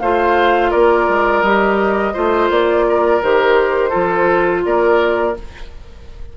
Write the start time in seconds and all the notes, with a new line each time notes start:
0.00 A3 F4 C5 F5
0.71 A#3 A#4 D5
1.09 G#3
1.42 G3 G4 D#5
2.14 A3 F4 C5
2.50 A#3 D5
2.89 A#4
3.22 D#3 G4 C5
3.90 F3 F4 A4
4.65 A#3 A#4 D5